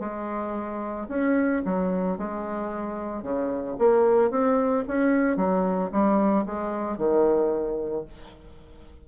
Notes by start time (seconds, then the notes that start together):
0.00 G#3
1.09 C#4
1.65 F#3
2.18 G#3
3.23 C#3
3.79 A#3
4.31 C4
4.88 C#4
5.37 F#3
5.92 G3
6.46 G#3
6.98 D#3